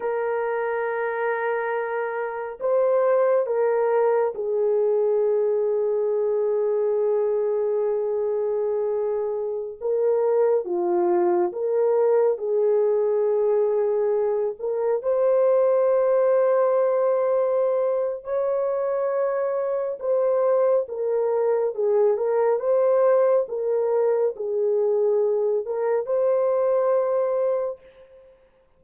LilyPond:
\new Staff \with { instrumentName = "horn" } { \time 4/4 \tempo 4 = 69 ais'2. c''4 | ais'4 gis'2.~ | gis'2.~ gis'16 ais'8.~ | ais'16 f'4 ais'4 gis'4.~ gis'16~ |
gis'8. ais'8 c''2~ c''8.~ | c''4 cis''2 c''4 | ais'4 gis'8 ais'8 c''4 ais'4 | gis'4. ais'8 c''2 | }